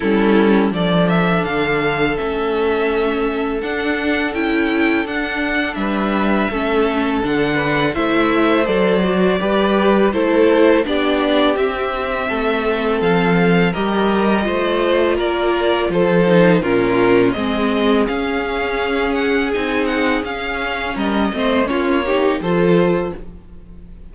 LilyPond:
<<
  \new Staff \with { instrumentName = "violin" } { \time 4/4 \tempo 4 = 83 a'4 d''8 e''8 f''4 e''4~ | e''4 fis''4 g''4 fis''4 | e''2 fis''4 e''4 | d''2 c''4 d''4 |
e''2 f''4 dis''4~ | dis''4 d''4 c''4 ais'4 | dis''4 f''4. fis''8 gis''8 fis''8 | f''4 dis''4 cis''4 c''4 | }
  \new Staff \with { instrumentName = "violin" } { \time 4/4 e'4 a'2.~ | a'1 | b'4 a'4. b'8 c''4~ | c''4 b'4 a'4 g'4~ |
g'4 a'2 ais'4 | c''4 ais'4 a'4 f'4 | gis'1~ | gis'4 ais'8 c''8 f'8 g'8 a'4 | }
  \new Staff \with { instrumentName = "viola" } { \time 4/4 cis'4 d'2 cis'4~ | cis'4 d'4 e'4 d'4~ | d'4 cis'4 d'4 e'4 | a'8 fis'8 g'4 e'4 d'4 |
c'2. g'4 | f'2~ f'8 dis'8 cis'4 | c'4 cis'2 dis'4 | cis'4. c'8 cis'8 dis'8 f'4 | }
  \new Staff \with { instrumentName = "cello" } { \time 4/4 g4 f4 d4 a4~ | a4 d'4 cis'4 d'4 | g4 a4 d4 a4 | fis4 g4 a4 b4 |
c'4 a4 f4 g4 | a4 ais4 f4 ais,4 | gis4 cis'2 c'4 | cis'4 g8 a8 ais4 f4 | }
>>